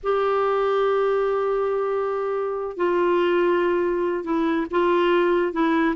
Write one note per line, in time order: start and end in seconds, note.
0.03 2.76 G4
2.76 4.23 F4
4.23 4.66 E4
4.71 5.52 F4
5.52 5.95 E4